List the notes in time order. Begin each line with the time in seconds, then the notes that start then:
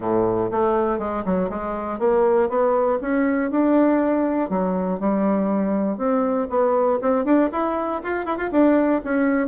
0.00 A2
0.51 A3
0.98 G#3
1.25 F#3
1.49 G#3
1.99 A#3
2.49 B3
3.01 C#4
3.50 D4
4.49 F#3
4.99 G3
5.97 C4
6.49 B3
7.01 C4
7.24 D4
7.51 E4
8.03 F4
8.25 E4
8.37 F4
8.51 D4
9.04 C#4